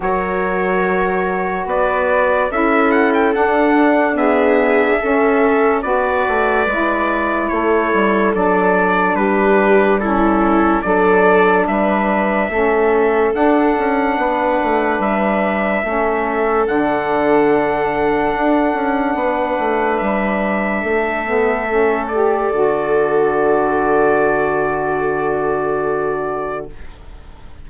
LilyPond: <<
  \new Staff \with { instrumentName = "trumpet" } { \time 4/4 \tempo 4 = 72 cis''2 d''4 e''8 fis''16 g''16 | fis''4 e''2 d''4~ | d''4 cis''4 d''4 b'4 | a'4 d''4 e''2 |
fis''2 e''2 | fis''1 | e''2~ e''8 d''4.~ | d''1 | }
  \new Staff \with { instrumentName = "viola" } { \time 4/4 ais'2 b'4 a'4~ | a'4 gis'4 a'4 b'4~ | b'4 a'2 g'4 | e'4 a'4 b'4 a'4~ |
a'4 b'2 a'4~ | a'2. b'4~ | b'4 a'2.~ | a'1 | }
  \new Staff \with { instrumentName = "saxophone" } { \time 4/4 fis'2. e'4 | d'4 b4 cis'4 fis'4 | e'2 d'2 | cis'4 d'2 cis'4 |
d'2. cis'4 | d'1~ | d'4. b8 cis'8 g'8 fis'4~ | fis'1 | }
  \new Staff \with { instrumentName = "bassoon" } { \time 4/4 fis2 b4 cis'4 | d'2 cis'4 b8 a8 | gis4 a8 g8 fis4 g4~ | g4 fis4 g4 a4 |
d'8 cis'8 b8 a8 g4 a4 | d2 d'8 cis'8 b8 a8 | g4 a2 d4~ | d1 | }
>>